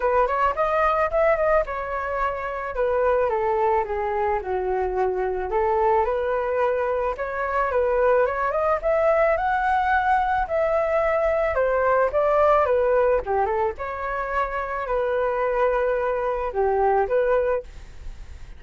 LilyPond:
\new Staff \with { instrumentName = "flute" } { \time 4/4 \tempo 4 = 109 b'8 cis''8 dis''4 e''8 dis''8 cis''4~ | cis''4 b'4 a'4 gis'4 | fis'2 a'4 b'4~ | b'4 cis''4 b'4 cis''8 dis''8 |
e''4 fis''2 e''4~ | e''4 c''4 d''4 b'4 | g'8 a'8 cis''2 b'4~ | b'2 g'4 b'4 | }